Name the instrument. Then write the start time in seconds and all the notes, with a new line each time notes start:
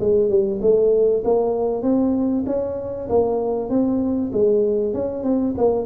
tuba
0.00 G#3
0.30 G3
0.61 A3
1.25 A#3
1.82 C4
2.46 C#4
3.09 A#3
3.69 C4
4.32 G#3
4.93 C#4
5.24 C4
5.58 A#3